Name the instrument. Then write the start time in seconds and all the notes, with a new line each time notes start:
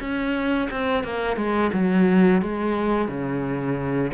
cello
0.00 C#4
0.71 C4
1.04 A#3
1.37 G#3
1.73 F#3
2.42 G#3
3.08 C#3